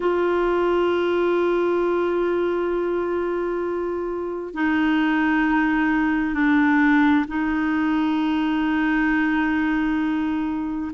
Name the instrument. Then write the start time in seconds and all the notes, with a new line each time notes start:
clarinet
0.00 F4
4.53 D#4
6.34 D4
7.28 D#4